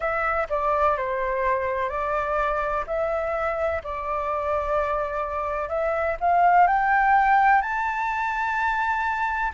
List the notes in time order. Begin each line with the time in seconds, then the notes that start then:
0.00 E5
0.49 D5
0.97 C5
1.89 D5
2.86 E5
3.84 D5
5.68 E5
6.20 F5
6.67 G5
7.61 A5